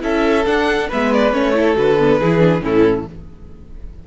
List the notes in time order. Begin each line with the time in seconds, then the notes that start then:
0.00 C#4 E4 A4 E5
0.46 D4 F#5
0.89 G#3 B3 B4 E5
1.13 D5
1.33 A3 C#4 C#5
1.54 E4 A4
1.76 D3 F#4 B4
2.00 B3
2.20 E3 E4 G#4
2.39 D4
2.62 A2 C#4 E4 A4